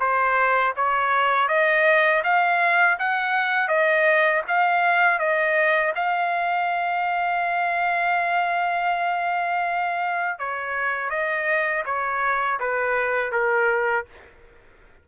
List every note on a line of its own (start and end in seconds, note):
0.00 0.74 C5
0.76 1.48 C#5
1.48 2.23 D#5
2.24 2.98 F5
2.99 3.68 F#5
3.68 4.42 D#5
4.48 5.19 F5
5.19 5.93 D#5
5.96 10.39 F5
10.39 11.10 C#5
11.10 11.84 D#5
11.85 12.59 C#5
12.60 13.32 B4
13.32 14.06 A#4